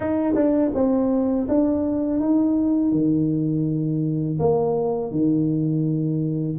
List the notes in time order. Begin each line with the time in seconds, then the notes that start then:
0.00 D#4
0.34 D4
0.74 C4
1.48 D4
2.20 D#4
2.92 D#3
4.39 A#3
5.11 D#3